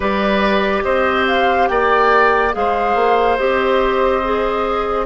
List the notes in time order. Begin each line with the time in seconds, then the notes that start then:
0.00 G3 G4 B4 D5
0.83 C4 C5 D#5
1.27 F5
1.68 A#3 D5 G5
2.52 G#3 G#4 C5 F5
2.95 A#3
3.37 C4 G4 D#5
4.23 G#4